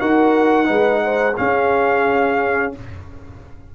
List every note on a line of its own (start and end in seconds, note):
0.00 0.69 D#4
0.00 0.64 F#4
0.00 0.67 A#4
0.00 1.37 F#5
0.64 1.37 G#3
0.64 1.33 D#4
0.64 1.01 B4
1.03 1.37 C5
1.36 2.72 C#4
1.36 2.75 C#4
1.36 2.75 G#4
1.36 2.73 F5